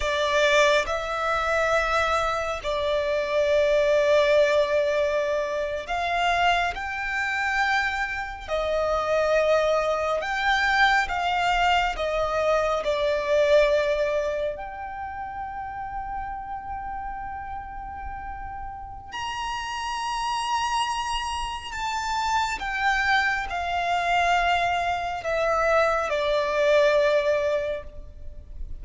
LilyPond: \new Staff \with { instrumentName = "violin" } { \time 4/4 \tempo 4 = 69 d''4 e''2 d''4~ | d''2~ d''8. f''4 g''16~ | g''4.~ g''16 dis''2 g''16~ | g''8. f''4 dis''4 d''4~ d''16~ |
d''8. g''2.~ g''16~ | g''2 ais''2~ | ais''4 a''4 g''4 f''4~ | f''4 e''4 d''2 | }